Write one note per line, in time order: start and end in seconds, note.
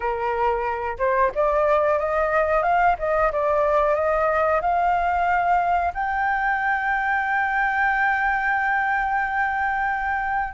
0.00 0.97 A#4
0.98 1.31 C5
1.34 1.98 D5
1.98 2.63 D#5
2.63 2.96 F5
2.98 3.31 D#5
3.31 3.94 D5
3.94 4.60 D#5
4.61 5.93 F5
5.94 10.53 G5